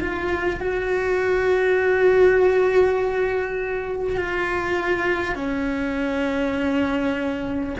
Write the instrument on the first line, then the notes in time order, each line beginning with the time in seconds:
cello
0.00 F4
0.60 F#4
4.17 F4
5.35 C#4